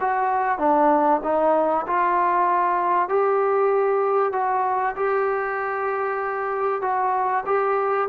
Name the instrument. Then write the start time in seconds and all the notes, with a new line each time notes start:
trombone
0.00 F#4
0.58 D4
1.23 D#4
1.87 F4
3.09 G4
4.32 F#4
4.96 G4
6.82 F#4
7.45 G4